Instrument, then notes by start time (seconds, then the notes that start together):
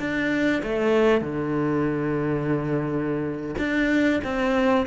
cello
0.00 D4
0.63 A3
1.21 D3
3.59 D4
4.24 C4